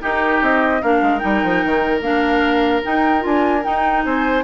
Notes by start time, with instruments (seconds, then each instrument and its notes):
0.00 clarinet D#4, bassoon D#4, oboe G4, flute A#4
0.42 bassoon C4, flute D#5
0.82 bassoon A#3, clarinet D4, oboe A#4, flute F5
1.02 bassoon G#3
1.19 bassoon G3, clarinet D#4, flute G5
1.43 bassoon F3
1.64 bassoon D#3
2.01 bassoon A#3, clarinet D4, flute F5
2.83 clarinet D#4, bassoon D#4, flute G5
3.20 bassoon D4, clarinet F4, flute G#5
3.64 clarinet D#4, bassoon D#4, flute G5
4.04 bassoon C4, oboe C5, flute G#5